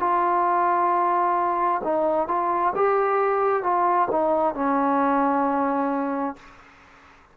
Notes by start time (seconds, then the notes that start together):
0.00 F4
1.84 D#4
2.28 F4
2.76 G4
3.63 F4
4.11 D#4
4.55 C#4